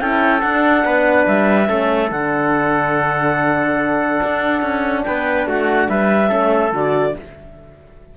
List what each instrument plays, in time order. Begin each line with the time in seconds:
0.00 cello C#4, horn E4, trumpet A4, clarinet G5
0.41 cello D4, horn D4, clarinet F#5
0.85 cello B3, trumpet B4
1.26 cello G3, clarinet E5
1.67 cello A3, horn C#4, trumpet A4
2.10 cello D3, horn D4, clarinet F#5
4.23 cello D4
4.62 cello C#4
5.03 cello B3, trumpet B4, clarinet G5
5.46 cello A3, trumpet F#4, clarinet F#5
5.88 cello G3, trumpet B4, clarinet E5
6.28 cello A3, horn C#4, trumpet A4
6.72 cello D3, horn F#4, clarinet D5